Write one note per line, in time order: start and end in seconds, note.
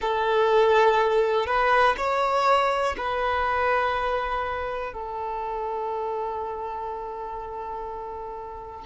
0.01 1.46 A4
1.46 1.95 B4
1.97 2.95 C#5
2.97 4.93 B4
4.93 8.86 A4